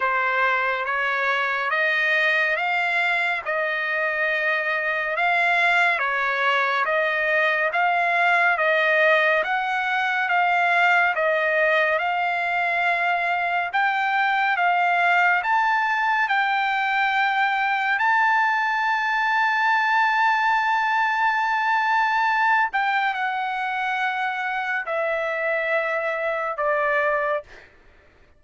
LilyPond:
\new Staff \with { instrumentName = "trumpet" } { \time 4/4 \tempo 4 = 70 c''4 cis''4 dis''4 f''4 | dis''2 f''4 cis''4 | dis''4 f''4 dis''4 fis''4 | f''4 dis''4 f''2 |
g''4 f''4 a''4 g''4~ | g''4 a''2.~ | a''2~ a''8 g''8 fis''4~ | fis''4 e''2 d''4 | }